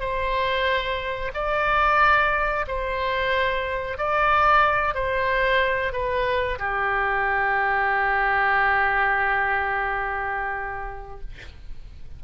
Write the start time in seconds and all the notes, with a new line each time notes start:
0.00 C5
1.34 D5
2.68 C5
3.97 D5
4.95 C5
5.93 B4
6.59 G4